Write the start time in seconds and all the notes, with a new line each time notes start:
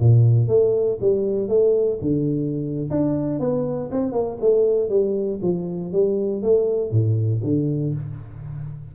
0.00 A#2
0.48 A3
1.01 G3
1.49 A3
2.02 D3
2.91 D4
3.40 B3
3.92 C4
4.13 A#3
4.41 A3
4.90 G3
5.42 F3
5.93 G3
6.43 A3
6.92 A2
7.44 D3